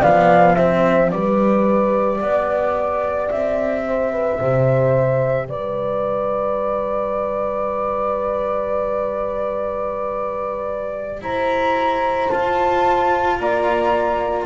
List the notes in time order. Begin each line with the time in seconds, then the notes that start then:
0.00 F3 B3 D5 F5
0.56 C4 C5 E5
1.11 G3 G4 B4 D5
2.22 B3 D5
3.30 C4 E5
3.87 C5
4.13 B4
4.39 C3 C5
5.49 G3 B4 D5
11.22 E4 C5 A#5
12.30 F4 A5
13.40 A#3 D5 A#5